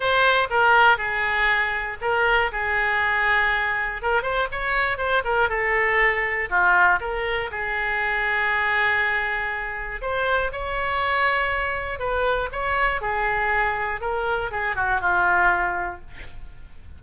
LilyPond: \new Staff \with { instrumentName = "oboe" } { \time 4/4 \tempo 4 = 120 c''4 ais'4 gis'2 | ais'4 gis'2. | ais'8 c''8 cis''4 c''8 ais'8 a'4~ | a'4 f'4 ais'4 gis'4~ |
gis'1 | c''4 cis''2. | b'4 cis''4 gis'2 | ais'4 gis'8 fis'8 f'2 | }